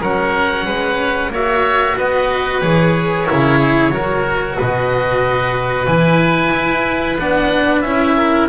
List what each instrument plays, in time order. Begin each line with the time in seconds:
0.00 double bass F#3, cello C#4, oboe A#4 F#5
0.65 double bass G#3, oboe B4
1.29 double bass A#3, cello F#4, oboe C#5 E5
1.96 double bass B3, oboe B4 D#5
2.61 double bass E3, cello G#4, oboe C#5
3.27 double bass C#3, cello E4, oboe A#4
3.59 oboe G#4
3.90 double bass F#3, cello F#4, oboe A#4
4.57 double bass B2, oboe B4 D#5
5.86 double bass E3, cello E4, oboe G#5
6.54 double bass E4
7.18 double bass B3, cello D4, oboe F#5
7.81 double bass C#4, cello E4, oboe E5
8.16 oboe A#4